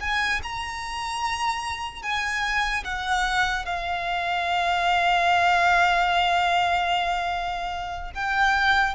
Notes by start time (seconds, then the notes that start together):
0.00 G#5
0.43 A#5
2.02 G#5
2.84 F#5
3.65 F5
8.14 G5